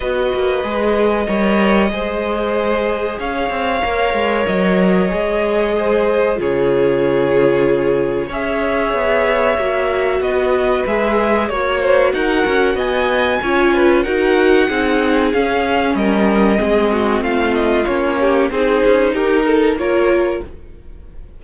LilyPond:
<<
  \new Staff \with { instrumentName = "violin" } { \time 4/4 \tempo 4 = 94 dis''1~ | dis''4 f''2 dis''4~ | dis''2 cis''2~ | cis''4 e''2. |
dis''4 e''4 cis''4 fis''4 | gis''2 fis''2 | f''4 dis''2 f''8 dis''8 | cis''4 c''4 ais'4 cis''4 | }
  \new Staff \with { instrumentName = "violin" } { \time 4/4 b'2 cis''4 c''4~ | c''4 cis''2.~ | cis''4 c''4 gis'2~ | gis'4 cis''2. |
b'2 cis''8 c''8 ais'4 | dis''4 cis''8 b'8 ais'4 gis'4~ | gis'4 ais'4 gis'8 fis'8 f'4~ | f'8 g'8 gis'4 g'8 a'8 ais'4 | }
  \new Staff \with { instrumentName = "viola" } { \time 4/4 fis'4 gis'4 ais'4 gis'4~ | gis'2 ais'2 | gis'2 f'2~ | f'4 gis'2 fis'4~ |
fis'4 gis'4 fis'2~ | fis'4 f'4 fis'4 dis'4 | cis'2 c'2 | cis'4 dis'2 f'4 | }
  \new Staff \with { instrumentName = "cello" } { \time 4/4 b8 ais8 gis4 g4 gis4~ | gis4 cis'8 c'8 ais8 gis8 fis4 | gis2 cis2~ | cis4 cis'4 b4 ais4 |
b4 gis4 ais4 dis'8 cis'8 | b4 cis'4 dis'4 c'4 | cis'4 g4 gis4 a4 | ais4 c'8 cis'8 dis'4 ais4 | }
>>